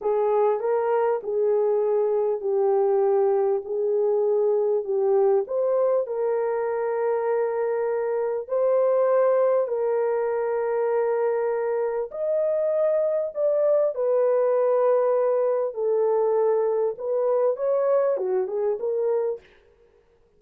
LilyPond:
\new Staff \with { instrumentName = "horn" } { \time 4/4 \tempo 4 = 99 gis'4 ais'4 gis'2 | g'2 gis'2 | g'4 c''4 ais'2~ | ais'2 c''2 |
ais'1 | dis''2 d''4 b'4~ | b'2 a'2 | b'4 cis''4 fis'8 gis'8 ais'4 | }